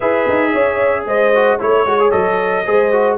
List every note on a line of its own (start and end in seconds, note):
0.00 0.27 E4
0.00 1.33 G#4
0.00 0.52 B4
0.00 1.05 E5
0.28 0.54 D#4
0.52 1.05 C#4
0.52 1.05 C#5
1.05 1.58 G#3
1.05 1.58 C5
1.05 1.60 D#5
1.34 1.59 F#4
1.58 1.85 A3
1.58 1.86 E4
1.58 2.64 C#5
1.58 2.11 C#5
1.85 2.12 G#3
1.85 1.99 F#4
1.99 2.11 G#4
2.11 2.65 F#3
2.11 2.64 A4
2.11 3.17 D#5
2.65 3.18 G#3
2.65 2.92 G#4
2.65 3.18 C5
2.92 3.18 F#4